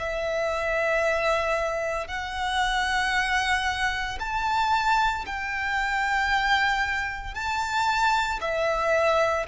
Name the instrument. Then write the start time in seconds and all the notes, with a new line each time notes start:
violin
0.00 E5
2.08 F#5
4.20 A5
5.26 G5
7.35 A5
8.41 E5